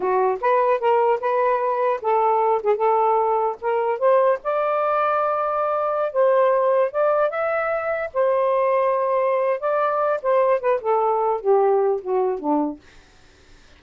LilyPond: \new Staff \with { instrumentName = "saxophone" } { \time 4/4 \tempo 4 = 150 fis'4 b'4 ais'4 b'4~ | b'4 a'4. gis'8 a'4~ | a'4 ais'4 c''4 d''4~ | d''2.~ d''16 c''8.~ |
c''4~ c''16 d''4 e''4.~ e''16~ | e''16 c''2.~ c''8. | d''4. c''4 b'8 a'4~ | a'8 g'4. fis'4 d'4 | }